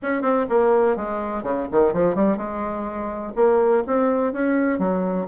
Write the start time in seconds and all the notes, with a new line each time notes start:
0.02 C#4
0.22 C4
0.49 A#3
0.96 G#3
1.43 C#3
1.71 D#3
1.93 F3
2.15 G3
2.37 G#3
3.35 A#3
3.86 C4
4.32 C#4
4.78 F#3